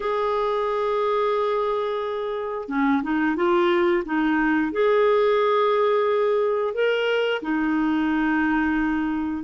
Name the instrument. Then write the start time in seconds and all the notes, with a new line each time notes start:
clarinet
0.00 G#4
2.68 C#4
3.02 D#4
3.36 F4
4.04 D#4
4.72 G#4
6.74 A#4
7.42 D#4